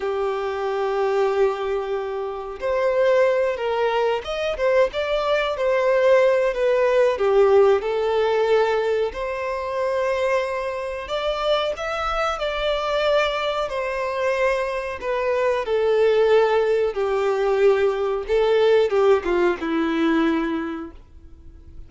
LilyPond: \new Staff \with { instrumentName = "violin" } { \time 4/4 \tempo 4 = 92 g'1 | c''4. ais'4 dis''8 c''8 d''8~ | d''8 c''4. b'4 g'4 | a'2 c''2~ |
c''4 d''4 e''4 d''4~ | d''4 c''2 b'4 | a'2 g'2 | a'4 g'8 f'8 e'2 | }